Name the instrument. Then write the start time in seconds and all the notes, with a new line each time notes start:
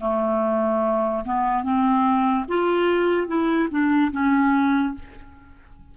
clarinet
0.00 A3
1.24 B3
1.63 C4
2.48 F4
3.27 E4
3.70 D4
4.11 C#4